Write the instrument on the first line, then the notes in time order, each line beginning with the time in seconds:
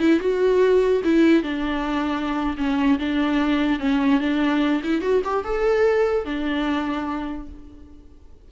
viola
0.00 E4
0.21 F#4
1.05 E4
1.43 D4
2.58 C#4
3.00 D4
3.80 C#4
4.21 D4
4.84 E4
5.02 F#4
5.25 G4
5.45 A4
6.25 D4